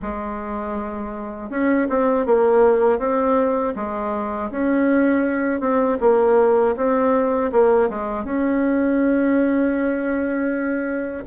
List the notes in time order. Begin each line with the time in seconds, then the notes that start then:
0.02 G#3
1.50 C#4
1.89 C4
2.26 A#3
2.98 C4
3.75 G#3
4.50 C#4
5.60 C4
6.00 A#3
6.76 C4
7.51 A#3
7.89 G#3
8.24 C#4